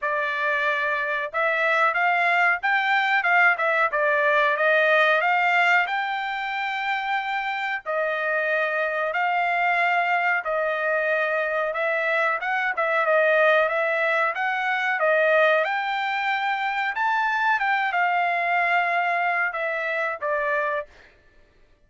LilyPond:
\new Staff \with { instrumentName = "trumpet" } { \time 4/4 \tempo 4 = 92 d''2 e''4 f''4 | g''4 f''8 e''8 d''4 dis''4 | f''4 g''2. | dis''2 f''2 |
dis''2 e''4 fis''8 e''8 | dis''4 e''4 fis''4 dis''4 | g''2 a''4 g''8 f''8~ | f''2 e''4 d''4 | }